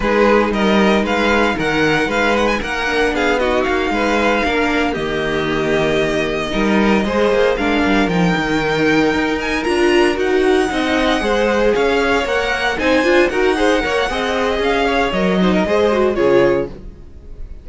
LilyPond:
<<
  \new Staff \with { instrumentName = "violin" } { \time 4/4 \tempo 4 = 115 b'4 dis''4 f''4 fis''4 | f''8 fis''16 gis''16 fis''4 f''8 dis''8 f''4~ | f''4. dis''2~ dis''8~ | dis''2~ dis''8 f''4 g''8~ |
g''2 gis''8 ais''4 fis''8~ | fis''2~ fis''8 f''4 fis''8~ | fis''8 gis''4 fis''2~ fis''8 | f''4 dis''2 cis''4 | }
  \new Staff \with { instrumentName = "violin" } { \time 4/4 gis'4 ais'4 b'4 ais'4 | b'4 ais'4 gis'8 fis'4 b'8~ | b'8 ais'4 g'2~ g'8~ | g'8 ais'4 c''4 ais'4.~ |
ais'1~ | ais'8 dis''4 c''4 cis''4.~ | cis''8 c''4 ais'8 c''8 cis''8 dis''4~ | dis''8 cis''4 c''16 ais'16 c''4 gis'4 | }
  \new Staff \with { instrumentName = "viola" } { \time 4/4 dis'1~ | dis'4. d'4 dis'4.~ | dis'8 d'4 ais2~ ais8~ | ais8 dis'4 gis'4 d'4 dis'8~ |
dis'2~ dis'8 f'4 fis'8~ | fis'8 dis'4 gis'2 ais'8~ | ais'8 dis'8 f'8 fis'8 gis'8 ais'8 gis'4~ | gis'4 ais'8 dis'8 gis'8 fis'8 f'4 | }
  \new Staff \with { instrumentName = "cello" } { \time 4/4 gis4 g4 gis4 dis4 | gis4 ais4 b4 ais8 gis8~ | gis8 ais4 dis2~ dis8~ | dis8 g4 gis8 ais8 gis8 g8 f8 |
dis4. dis'4 d'4 dis'8~ | dis'8 c'4 gis4 cis'4 ais8~ | ais8 c'8 d'8 dis'4 ais8 c'4 | cis'4 fis4 gis4 cis4 | }
>>